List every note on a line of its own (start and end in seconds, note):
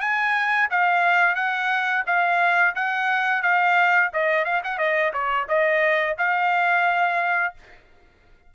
0.00 0.68 G#5
0.70 1.35 F5
1.35 2.03 F#5
2.06 2.74 F5
2.75 3.42 F#5
3.42 4.10 F5
4.13 4.44 D#5
4.44 4.61 F5
4.64 4.78 F#5
4.78 5.12 D#5
5.13 5.47 C#5
5.48 6.16 D#5
6.17 7.54 F5